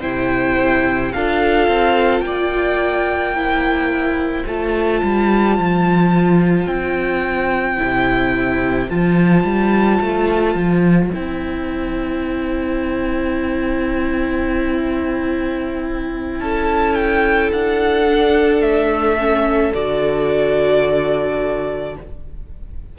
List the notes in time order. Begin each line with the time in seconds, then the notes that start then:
0.00 C3 E4 C5 G5
1.12 D4 F4 A4 F5
1.67 C4
2.20 A#3 D5 G5
3.33 E4 C5
4.46 A3 F4 A5
5.02 G3
5.58 F3
6.66 C4 G5
7.77 C3 E4
8.89 F3 F4 A5
9.43 G3
10.00 A3
10.55 F3
11.12 C4 E4 G5
16.40 C#4 A4 A5
16.94 G5
17.52 D4 F#5
18.06 D4
18.61 A3 E5
19.18 C#4
19.74 D3 F#4 D5